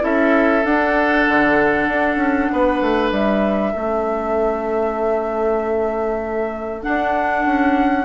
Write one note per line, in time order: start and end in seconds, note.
0.00 0.64 C#4
0.00 0.62 E4
0.00 2.51 A4
0.00 0.65 E5
0.64 1.26 D4
0.64 3.74 D4
0.64 3.11 F#5
1.28 1.87 D3
1.87 2.16 D4
2.16 2.47 C#4
2.52 2.81 B3
2.52 3.72 B4
2.81 3.11 A3
3.11 3.73 G3
3.11 6.82 E5
3.72 6.84 A3
3.72 6.82 C#4
3.72 8.05 A4
6.82 8.05 D4
6.82 7.45 D4
6.82 8.05 F#5
7.45 8.05 C#4